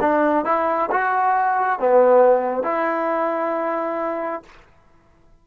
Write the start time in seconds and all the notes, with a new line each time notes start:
0.00 D4
0.45 E4
0.91 F#4
1.79 B3
2.63 E4